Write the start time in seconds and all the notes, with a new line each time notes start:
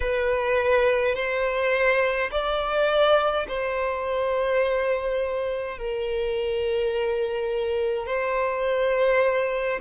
0.00 B4
1.15 C5
2.31 D5
3.48 C5
5.77 A#4
8.06 C5